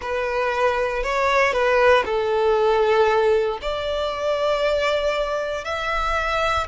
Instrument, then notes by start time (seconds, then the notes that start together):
violin
0.01 B4
1.03 C#5
1.52 B4
2.05 A4
3.61 D5
5.64 E5